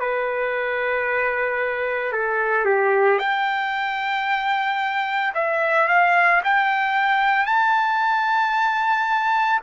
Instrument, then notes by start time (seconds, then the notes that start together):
trumpet
0.00 B4
2.13 A4
2.65 G4
3.19 G5
5.35 E5
5.88 F5
6.44 G5
7.46 A5